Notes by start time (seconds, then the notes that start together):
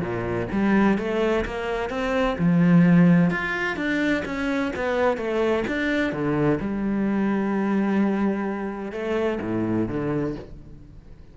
0.00 A#2
0.51 G3
0.98 A3
1.45 A#3
1.89 C4
2.38 F3
3.30 F4
3.76 D4
4.25 C#4
4.75 B3
5.17 A3
5.67 D4
6.12 D3
6.60 G3
8.92 A3
9.41 A2
9.88 D3